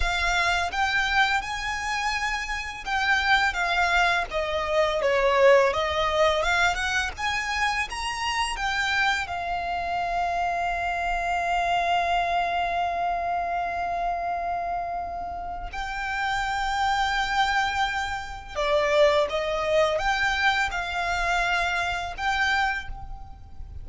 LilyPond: \new Staff \with { instrumentName = "violin" } { \time 4/4 \tempo 4 = 84 f''4 g''4 gis''2 | g''4 f''4 dis''4 cis''4 | dis''4 f''8 fis''8 gis''4 ais''4 | g''4 f''2.~ |
f''1~ | f''2 g''2~ | g''2 d''4 dis''4 | g''4 f''2 g''4 | }